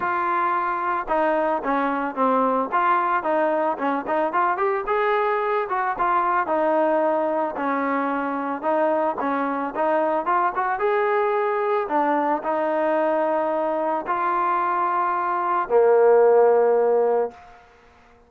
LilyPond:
\new Staff \with { instrumentName = "trombone" } { \time 4/4 \tempo 4 = 111 f'2 dis'4 cis'4 | c'4 f'4 dis'4 cis'8 dis'8 | f'8 g'8 gis'4. fis'8 f'4 | dis'2 cis'2 |
dis'4 cis'4 dis'4 f'8 fis'8 | gis'2 d'4 dis'4~ | dis'2 f'2~ | f'4 ais2. | }